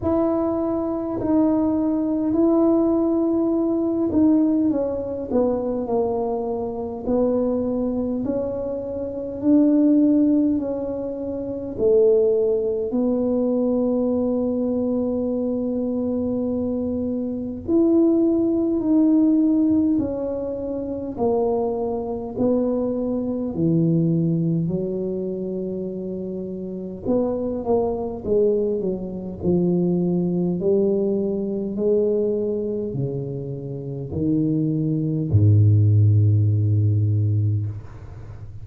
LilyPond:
\new Staff \with { instrumentName = "tuba" } { \time 4/4 \tempo 4 = 51 e'4 dis'4 e'4. dis'8 | cis'8 b8 ais4 b4 cis'4 | d'4 cis'4 a4 b4~ | b2. e'4 |
dis'4 cis'4 ais4 b4 | e4 fis2 b8 ais8 | gis8 fis8 f4 g4 gis4 | cis4 dis4 gis,2 | }